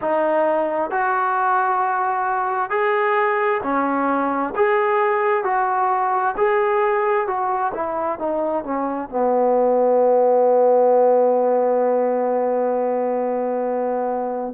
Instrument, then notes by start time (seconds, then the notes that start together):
trombone
0.01 D#4
0.90 F#4
2.70 G#4
3.62 C#4
4.55 G#4
5.44 F#4
6.37 G#4
7.27 F#4
7.74 E4
8.18 D#4
8.64 C#4
9.09 B3